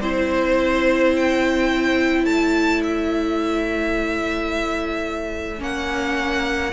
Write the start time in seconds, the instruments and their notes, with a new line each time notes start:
0.00 cello C4, viola E4, violin C5
1.16 violin G5
2.24 cello A3, violin C#5 A5
2.83 violin E5
5.58 cello A#3, viola C#4, violin F#5